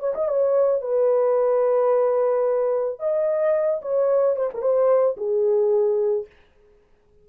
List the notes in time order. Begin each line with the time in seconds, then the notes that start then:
0.00 C#5
0.15 D#5
0.29 C#5
0.82 B4
3.00 D#5
3.82 C#5
4.36 C5
4.54 A#4
4.62 C5
5.17 G#4